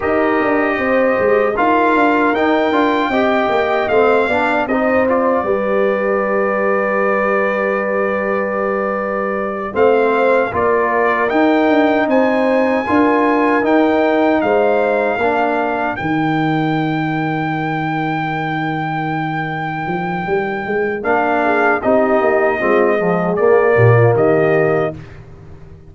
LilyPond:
<<
  \new Staff \with { instrumentName = "trumpet" } { \time 4/4 \tempo 4 = 77 dis''2 f''4 g''4~ | g''4 f''4 dis''8 d''4.~ | d''1~ | d''8 f''4 d''4 g''4 gis''8~ |
gis''4. g''4 f''4.~ | f''8 g''2.~ g''8~ | g''2. f''4 | dis''2 d''4 dis''4 | }
  \new Staff \with { instrumentName = "horn" } { \time 4/4 ais'4 c''4 ais'2 | dis''4. d''8 c''4 b'4~ | b'1~ | b'8 c''4 ais'2 c''8~ |
c''8 ais'2 c''4 ais'8~ | ais'1~ | ais'2.~ ais'8 gis'8 | g'4 f'8 gis'4 g'16 f'16 g'4 | }
  \new Staff \with { instrumentName = "trombone" } { \time 4/4 g'2 f'4 dis'8 f'8 | g'4 c'8 d'8 dis'8 f'8 g'4~ | g'1~ | g'8 c'4 f'4 dis'4.~ |
dis'8 f'4 dis'2 d'8~ | d'8 dis'2.~ dis'8~ | dis'2. d'4 | dis'4 c'8 f8 ais2 | }
  \new Staff \with { instrumentName = "tuba" } { \time 4/4 dis'8 d'8 c'8 gis8 dis'8 d'8 dis'8 d'8 | c'8 ais8 a8 b8 c'4 g4~ | g1~ | g8 a4 ais4 dis'8 d'8 c'8~ |
c'8 d'4 dis'4 gis4 ais8~ | ais8 dis2.~ dis8~ | dis4. f8 g8 gis8 ais4 | c'8 ais8 gis4 ais8 ais,8 dis4 | }
>>